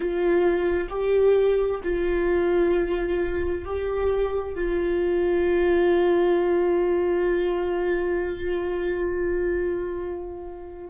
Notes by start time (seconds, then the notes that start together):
0.00 F4
0.89 G4
1.83 F4
3.64 G4
4.55 F4